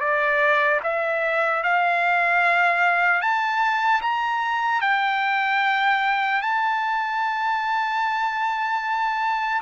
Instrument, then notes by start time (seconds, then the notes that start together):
trumpet
0.00 D5
0.83 E5
1.63 F5
3.21 A5
4.01 A#5
4.81 G5
6.41 A5